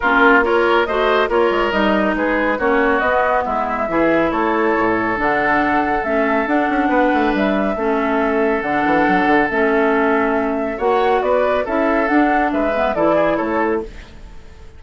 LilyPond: <<
  \new Staff \with { instrumentName = "flute" } { \time 4/4 \tempo 4 = 139 ais'4 cis''4 dis''4 cis''4 | dis''4 b'4 cis''4 dis''4 | e''2 cis''2 | fis''2 e''4 fis''4~ |
fis''4 e''2. | fis''2 e''2~ | e''4 fis''4 d''4 e''4 | fis''4 e''4 d''4 cis''4 | }
  \new Staff \with { instrumentName = "oboe" } { \time 4/4 f'4 ais'4 c''4 ais'4~ | ais'4 gis'4 fis'2 | e'4 gis'4 a'2~ | a'1 |
b'2 a'2~ | a'1~ | a'4 cis''4 b'4 a'4~ | a'4 b'4 a'8 gis'8 a'4 | }
  \new Staff \with { instrumentName = "clarinet" } { \time 4/4 cis'4 f'4 fis'4 f'4 | dis'2 cis'4 b4~ | b4 e'2. | d'2 cis'4 d'4~ |
d'2 cis'2 | d'2 cis'2~ | cis'4 fis'2 e'4 | d'4. b8 e'2 | }
  \new Staff \with { instrumentName = "bassoon" } { \time 4/4 ais2 a4 ais8 gis8 | g4 gis4 ais4 b4 | gis4 e4 a4 a,4 | d2 a4 d'8 cis'8 |
b8 a8 g4 a2 | d8 e8 fis8 d8 a2~ | a4 ais4 b4 cis'4 | d'4 gis4 e4 a4 | }
>>